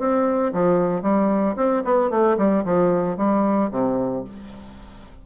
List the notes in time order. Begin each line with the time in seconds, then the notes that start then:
0.00 C4
0.54 F3
1.03 G3
1.57 C4
1.85 B3
2.11 A3
2.38 G3
2.65 F3
3.18 G3
3.71 C3